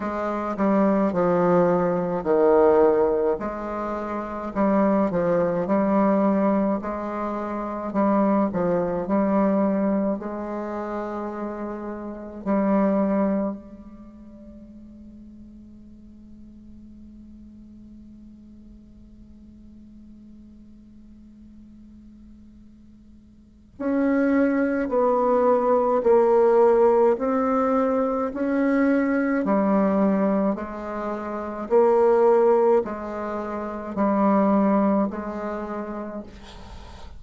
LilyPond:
\new Staff \with { instrumentName = "bassoon" } { \time 4/4 \tempo 4 = 53 gis8 g8 f4 dis4 gis4 | g8 f8 g4 gis4 g8 f8 | g4 gis2 g4 | gis1~ |
gis1~ | gis4 cis'4 b4 ais4 | c'4 cis'4 g4 gis4 | ais4 gis4 g4 gis4 | }